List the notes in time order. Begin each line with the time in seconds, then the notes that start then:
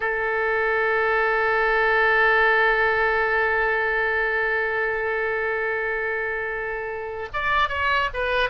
0.00 A4
7.33 D5
7.68 C#5
8.13 B4